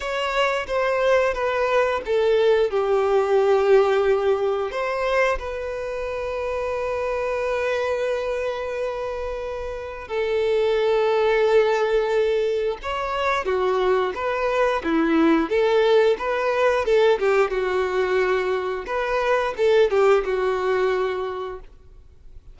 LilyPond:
\new Staff \with { instrumentName = "violin" } { \time 4/4 \tempo 4 = 89 cis''4 c''4 b'4 a'4 | g'2. c''4 | b'1~ | b'2. a'4~ |
a'2. cis''4 | fis'4 b'4 e'4 a'4 | b'4 a'8 g'8 fis'2 | b'4 a'8 g'8 fis'2 | }